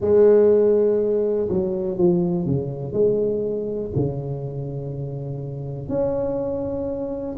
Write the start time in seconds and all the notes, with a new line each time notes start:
0.00 G#3
1.48 F#3
1.97 F3
2.46 C#3
2.92 G#3
3.95 C#3
5.88 C#4